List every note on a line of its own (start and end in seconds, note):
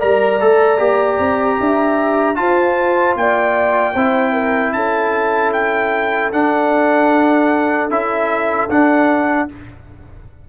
0.00 0.41 G3
0.00 0.39 A#4
0.00 1.58 D5
0.00 2.36 A#5
0.41 0.79 A3
0.41 0.78 A4
0.78 1.18 A#3
0.78 2.35 G4
1.19 1.58 C4
1.60 2.38 D4
1.60 2.39 E5
2.35 3.93 F4
2.35 3.16 F4
2.35 3.19 C5
2.35 3.15 A5
3.16 3.95 A#3
3.16 3.93 D5
3.16 4.73 G5
3.93 4.74 C4
3.93 6.32 E4
3.93 4.32 C5
4.32 4.72 A#4
4.73 6.32 C#4
4.73 9.49 A4
4.73 5.52 A5
5.53 6.32 G5
6.32 7.89 D4
6.32 7.90 D4
6.32 7.90 F#5
7.89 8.68 C#4
7.89 8.69 E4
7.89 8.70 E5
8.69 9.48 D4
8.69 9.49 F#5